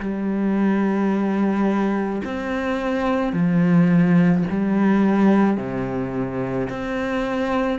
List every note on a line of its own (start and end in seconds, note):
0.00 2.22 G3
2.24 3.33 C4
3.33 4.44 F3
4.50 5.57 G3
5.57 6.68 C3
6.69 7.79 C4